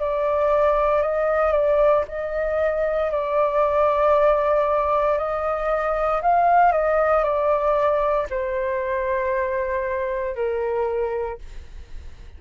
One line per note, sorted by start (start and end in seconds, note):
0.00 1.02 D5
1.02 1.52 D#5
1.52 2.04 D5
2.08 3.11 D#5
3.11 5.18 D5
5.18 6.22 D#5
6.22 6.72 F5
6.72 7.24 D#5
7.24 8.27 D5
8.30 10.35 C5
10.35 11.39 A#4